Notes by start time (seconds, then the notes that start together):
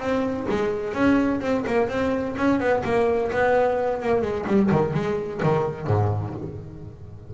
0.00 C4
0.49 G#3
0.94 C#4
1.41 C4
1.67 A#3
1.89 C4
2.37 C#4
2.60 B3
2.84 A#3
3.32 B3
4.02 A#3
4.22 G#3
4.47 G3
4.71 D#3
4.94 G#3
5.43 D#3
5.88 G#2